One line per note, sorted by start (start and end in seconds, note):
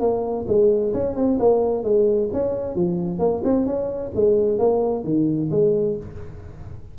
0.00 0.46 A#3
0.48 0.93 G#3
0.93 1.15 C#4
1.15 1.38 C4
1.39 1.84 A#3
1.84 2.30 G#3
2.33 2.75 C#4
2.75 3.19 F3
3.19 3.42 A#3
3.44 3.66 C4
3.66 4.12 C#4
4.15 4.58 G#3
4.58 5.04 A#3
5.04 5.50 D#3
5.51 5.96 G#3